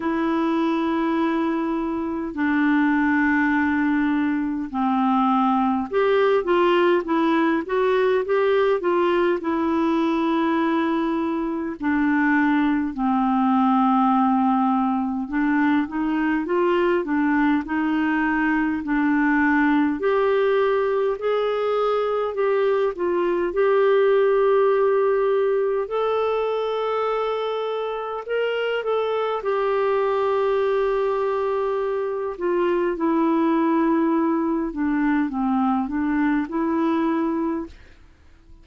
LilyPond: \new Staff \with { instrumentName = "clarinet" } { \time 4/4 \tempo 4 = 51 e'2 d'2 | c'4 g'8 f'8 e'8 fis'8 g'8 f'8 | e'2 d'4 c'4~ | c'4 d'8 dis'8 f'8 d'8 dis'4 |
d'4 g'4 gis'4 g'8 f'8 | g'2 a'2 | ais'8 a'8 g'2~ g'8 f'8 | e'4. d'8 c'8 d'8 e'4 | }